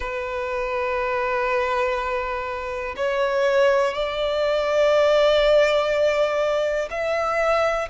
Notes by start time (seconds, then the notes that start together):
0.00 B4
2.96 C#5
3.93 D5
6.90 E5